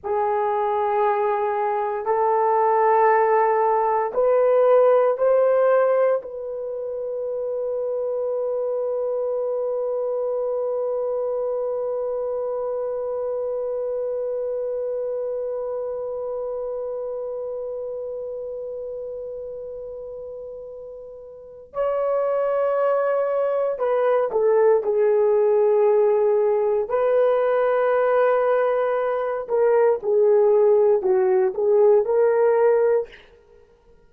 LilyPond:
\new Staff \with { instrumentName = "horn" } { \time 4/4 \tempo 4 = 58 gis'2 a'2 | b'4 c''4 b'2~ | b'1~ | b'1~ |
b'1~ | b'4 cis''2 b'8 a'8 | gis'2 b'2~ | b'8 ais'8 gis'4 fis'8 gis'8 ais'4 | }